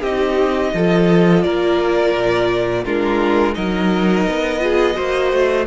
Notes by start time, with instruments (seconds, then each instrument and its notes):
0.00 cello C4, viola D#4, violin G4 D#5
0.73 cello F3, viola F4, violin A4
1.43 cello A#3, violin A#4 D5
2.15 cello A#2
2.84 cello G#3, viola D4, violin F4 A#4
3.53 cello F#3, viola D#4, violin A#4 D#5
4.26 cello B3
4.59 viola F4, violin G#4
4.94 cello A#3, viola F#4, violin C5
5.32 cello A3